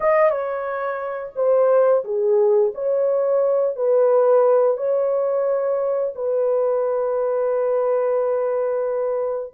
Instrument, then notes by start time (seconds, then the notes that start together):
horn
0.00 D#5
0.30 C#5
1.35 C5
2.04 G#4
2.74 C#5
3.75 B4
4.77 C#5
6.15 B4